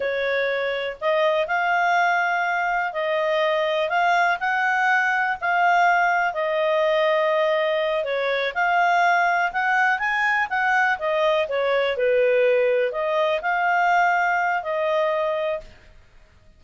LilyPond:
\new Staff \with { instrumentName = "clarinet" } { \time 4/4 \tempo 4 = 123 cis''2 dis''4 f''4~ | f''2 dis''2 | f''4 fis''2 f''4~ | f''4 dis''2.~ |
dis''8 cis''4 f''2 fis''8~ | fis''8 gis''4 fis''4 dis''4 cis''8~ | cis''8 b'2 dis''4 f''8~ | f''2 dis''2 | }